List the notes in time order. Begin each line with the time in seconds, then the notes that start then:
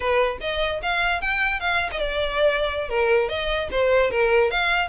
0.00 B4
0.41 D#5
0.82 F5
1.21 G5
1.60 F5
1.91 D#5
1.99 D5
2.89 A#4
3.28 D#5
3.71 C5
4.11 A#4
4.51 F5